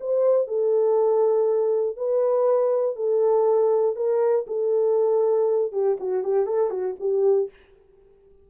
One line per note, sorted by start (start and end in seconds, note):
0.00 0.47 C5
0.47 1.96 A4
1.96 2.96 B4
2.96 3.95 A4
3.95 4.45 A#4
4.47 5.72 A4
5.72 5.97 G4
5.99 6.23 F#4
6.23 6.46 G4
6.46 6.70 A4
6.70 6.95 F#4
7.00 7.50 G4